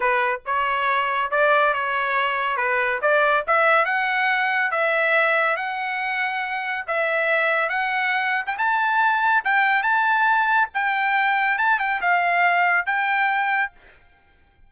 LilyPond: \new Staff \with { instrumentName = "trumpet" } { \time 4/4 \tempo 4 = 140 b'4 cis''2 d''4 | cis''2 b'4 d''4 | e''4 fis''2 e''4~ | e''4 fis''2. |
e''2 fis''4.~ fis''16 g''16 | a''2 g''4 a''4~ | a''4 g''2 a''8 g''8 | f''2 g''2 | }